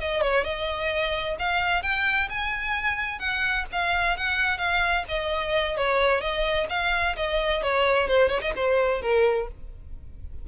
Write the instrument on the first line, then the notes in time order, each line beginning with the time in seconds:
violin
0.00 D#5
0.21 C#5
0.44 D#5
1.38 F5
1.82 G5
2.29 G#5
3.19 F#5
3.72 F5
4.16 F#5
4.58 F5
5.08 D#5
5.77 C#5
6.21 D#5
6.69 F5
7.16 D#5
7.62 C#5
8.07 C5
8.28 C#5
8.41 D#5
8.56 C5
9.01 A#4